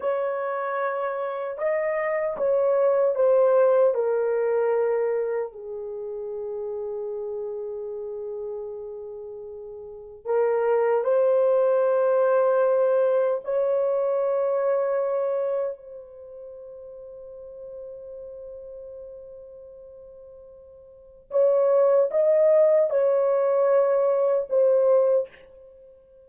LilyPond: \new Staff \with { instrumentName = "horn" } { \time 4/4 \tempo 4 = 76 cis''2 dis''4 cis''4 | c''4 ais'2 gis'4~ | gis'1~ | gis'4 ais'4 c''2~ |
c''4 cis''2. | c''1~ | c''2. cis''4 | dis''4 cis''2 c''4 | }